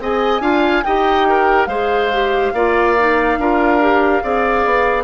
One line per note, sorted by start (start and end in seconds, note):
0.00 0.40 C4
0.00 0.40 G#4
0.00 0.41 D#5
0.00 0.84 G#5
0.40 0.82 D4
0.40 0.82 F4
0.40 0.84 F5
0.84 1.67 D#4
0.84 1.68 G4
0.84 1.28 D#5
0.84 1.66 G5
1.29 1.68 A#4
1.66 2.51 G#3
1.66 2.11 G#4
1.66 2.52 C5
1.66 5.04 F5
2.12 2.54 G4
2.53 3.37 A#3
2.53 2.97 F4
2.53 3.39 D5
2.98 3.40 D#4
3.37 4.22 D4
3.37 3.80 F4
3.37 4.23 A#4
3.80 4.23 G4
4.23 4.65 C4
4.23 5.04 G#4
4.23 5.04 D5
4.65 5.04 B3